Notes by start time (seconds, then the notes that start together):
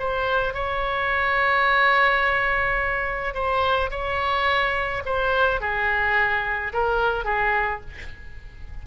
0.00 C5
0.54 C#5
3.35 C5
3.91 C#5
5.06 C5
5.61 G#4
6.73 A#4
7.25 G#4